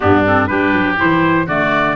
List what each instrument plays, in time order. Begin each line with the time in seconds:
0.00 tuba G2, clarinet B3, oboe D4, trumpet G4
0.25 clarinet C4, trumpet A4
0.47 tuba G3, clarinet D4, oboe G4, trumpet B4
0.73 tuba F#3
0.96 tuba E3, clarinet E4, trumpet C5
1.46 tuba D3, clarinet A3, oboe F#4, trumpet D5